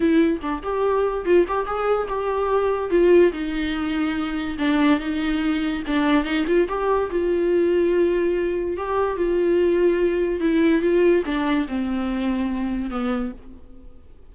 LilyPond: \new Staff \with { instrumentName = "viola" } { \time 4/4 \tempo 4 = 144 e'4 d'8 g'4. f'8 g'8 | gis'4 g'2 f'4 | dis'2. d'4 | dis'2 d'4 dis'8 f'8 |
g'4 f'2.~ | f'4 g'4 f'2~ | f'4 e'4 f'4 d'4 | c'2. b4 | }